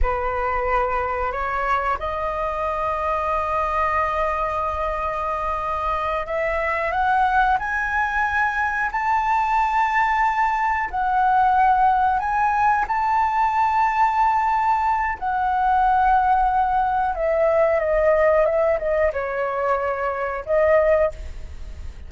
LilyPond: \new Staff \with { instrumentName = "flute" } { \time 4/4 \tempo 4 = 91 b'2 cis''4 dis''4~ | dis''1~ | dis''4. e''4 fis''4 gis''8~ | gis''4. a''2~ a''8~ |
a''8 fis''2 gis''4 a''8~ | a''2. fis''4~ | fis''2 e''4 dis''4 | e''8 dis''8 cis''2 dis''4 | }